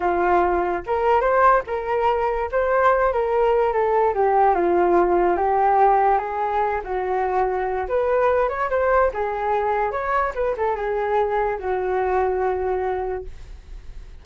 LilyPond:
\new Staff \with { instrumentName = "flute" } { \time 4/4 \tempo 4 = 145 f'2 ais'4 c''4 | ais'2 c''4. ais'8~ | ais'4 a'4 g'4 f'4~ | f'4 g'2 gis'4~ |
gis'8 fis'2~ fis'8 b'4~ | b'8 cis''8 c''4 gis'2 | cis''4 b'8 a'8 gis'2 | fis'1 | }